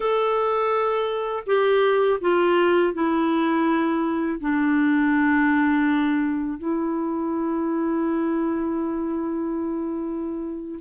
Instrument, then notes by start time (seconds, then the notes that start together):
clarinet
0.00 A4
1.46 G4
2.21 F4
2.93 E4
4.40 D4
6.58 E4